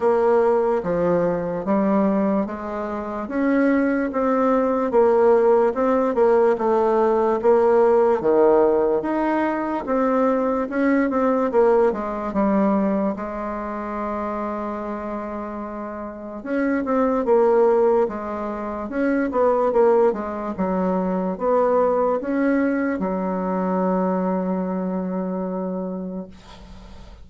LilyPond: \new Staff \with { instrumentName = "bassoon" } { \time 4/4 \tempo 4 = 73 ais4 f4 g4 gis4 | cis'4 c'4 ais4 c'8 ais8 | a4 ais4 dis4 dis'4 | c'4 cis'8 c'8 ais8 gis8 g4 |
gis1 | cis'8 c'8 ais4 gis4 cis'8 b8 | ais8 gis8 fis4 b4 cis'4 | fis1 | }